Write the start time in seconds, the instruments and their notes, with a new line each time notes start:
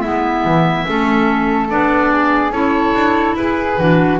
0.00 double bass G#3, clarinet B3, flute E4, oboe E5
0.45 double bass E3
0.87 double bass A3, clarinet C#4, flute A4
1.69 double bass B3, clarinet D4, oboe D5
2.12 flute G#4
2.51 double bass C#4, clarinet E4, flute A4, oboe C#5
2.94 double bass D4
3.34 double bass E4, flute G#4, oboe B4
3.78 double bass E3, clarinet D4, flute F#4